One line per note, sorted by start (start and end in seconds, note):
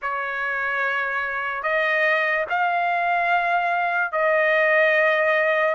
0.02 1.63 C#5
1.63 2.45 D#5
2.49 4.11 F5
4.11 5.75 D#5